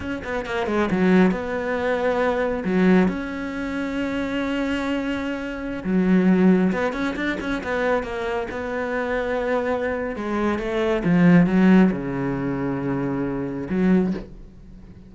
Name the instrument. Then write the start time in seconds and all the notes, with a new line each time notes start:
cello
0.00 C#4
0.23 B3
0.45 A#3
0.67 G#3
0.90 F#3
1.31 B3
2.64 F#3
3.08 C#4
5.84 F#3
6.72 B3
6.93 C#4
7.16 D4
7.40 C#4
7.63 B3
8.03 A#3
8.50 B3
10.16 G#3
10.58 A3
11.04 F3
11.46 F#3
11.91 C#3
13.69 F#3